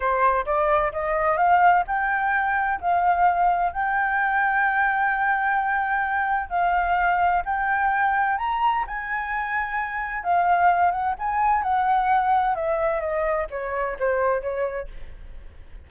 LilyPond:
\new Staff \with { instrumentName = "flute" } { \time 4/4 \tempo 4 = 129 c''4 d''4 dis''4 f''4 | g''2 f''2 | g''1~ | g''2 f''2 |
g''2 ais''4 gis''4~ | gis''2 f''4. fis''8 | gis''4 fis''2 e''4 | dis''4 cis''4 c''4 cis''4 | }